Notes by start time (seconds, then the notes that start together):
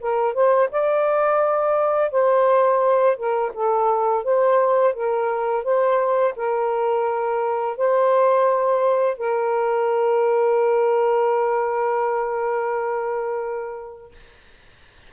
0.00 A#4
0.34 C5
0.71 D5
2.11 C5
3.17 A#4
3.53 A4
4.24 C5
4.94 A#4
5.64 C5
6.36 A#4
7.77 C5
9.18 A#4